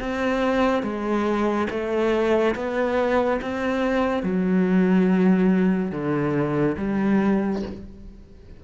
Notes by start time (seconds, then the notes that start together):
0.00 C4
0.83 G#3
1.71 A3
2.56 B3
3.42 C4
4.23 F#3
5.92 D3
6.78 G3